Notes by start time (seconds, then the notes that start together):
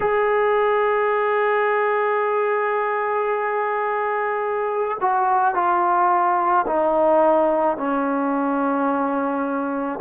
0.00 G#4
5.01 F#4
5.54 F4
6.67 D#4
7.77 C#4